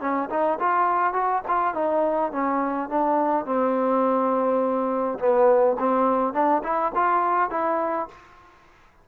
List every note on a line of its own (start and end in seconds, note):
0.00 0.29 C#4
0.30 0.58 D#4
0.59 1.13 F4
1.13 1.42 F#4
1.48 1.74 F4
1.74 2.32 D#4
2.32 2.89 C#4
2.89 3.45 D4
3.45 5.18 C4
5.19 5.77 B3
5.79 6.33 C4
6.33 6.62 D4
6.63 6.92 E4
6.95 7.50 F4
7.50 8.08 E4